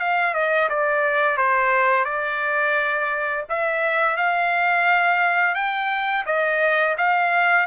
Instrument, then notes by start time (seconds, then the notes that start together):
trumpet
0.00 F5
0.34 D#5
0.69 D5
1.38 C5
2.05 D5
3.49 E5
4.17 F5
5.55 G5
6.26 D#5
6.98 F5